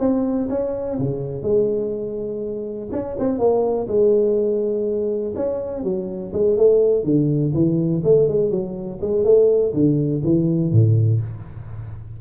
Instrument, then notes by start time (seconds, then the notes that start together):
tuba
0.00 C4
0.50 C#4
0.99 C#3
1.43 G#3
2.92 C#4
3.20 C4
3.39 A#3
3.88 G#3
5.36 C#4
5.84 F#3
6.33 G#3
6.57 A3
7.04 D3
7.54 E3
8.04 A3
8.29 G#3
8.51 F#3
9.02 G#3
9.25 A3
9.74 D3
10.24 E3
10.72 A2